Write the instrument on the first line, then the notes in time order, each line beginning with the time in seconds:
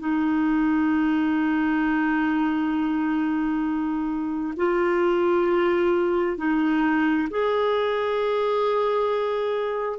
clarinet
0.00 D#4
4.57 F4
6.38 D#4
7.31 G#4